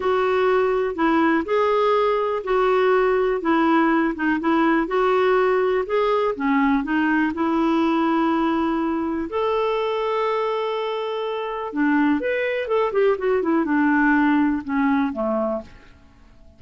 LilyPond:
\new Staff \with { instrumentName = "clarinet" } { \time 4/4 \tempo 4 = 123 fis'2 e'4 gis'4~ | gis'4 fis'2 e'4~ | e'8 dis'8 e'4 fis'2 | gis'4 cis'4 dis'4 e'4~ |
e'2. a'4~ | a'1 | d'4 b'4 a'8 g'8 fis'8 e'8 | d'2 cis'4 a4 | }